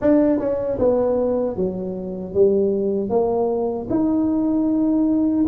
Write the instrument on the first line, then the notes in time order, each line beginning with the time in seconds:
tuba
0.01 D4
0.39 C#4
0.78 B3
1.56 F#3
2.33 G3
3.09 A#3
3.90 D#4